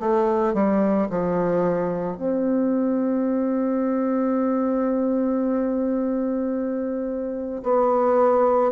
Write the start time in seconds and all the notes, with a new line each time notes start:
0.00 A3
0.54 G3
1.10 F3
2.17 C4
7.63 B3